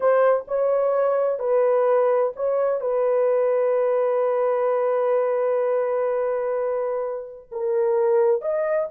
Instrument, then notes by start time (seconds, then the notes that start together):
horn
0.00 C5
0.47 C#5
1.39 B4
2.35 C#5
2.80 B4
7.51 A#4
8.41 D#5